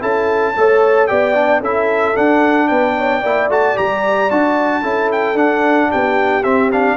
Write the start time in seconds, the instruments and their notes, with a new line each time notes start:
0.00 tuba C#4, trombone E4, horn A4, trumpet A5
0.56 tuba A3, trombone A4, horn C#5
1.07 tuba B3, trombone G4, horn D5, trumpet G5
1.34 trombone D4
1.60 tuba C#4, trombone E4, horn A4, trumpet E5
2.15 trombone D4, tuba D4, trumpet F#5
2.68 tuba B3, horn B4, trumpet G5
2.97 horn C#5
3.20 tuba A#3, trombone E4, horn D5
3.49 tuba A3, trombone F#4, trumpet A5
3.75 tuba G3, trombone G4, trumpet A#5
4.30 tuba D4, trombone F#4, trumpet A5
4.81 tuba C#4, trombone E4, horn A4
5.11 trumpet G5
5.34 tuba D4, trombone D4, trumpet F#5
5.90 tuba B3, horn G4, trumpet G5
6.43 trombone C4, tuba C4, trumpet E5
6.72 trombone D4, trumpet F5